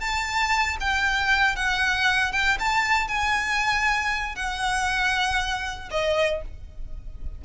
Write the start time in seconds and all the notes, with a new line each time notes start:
0.00 A5
0.80 G5
1.56 F#5
2.32 G5
2.59 A5
3.08 G#5
4.35 F#5
5.91 D#5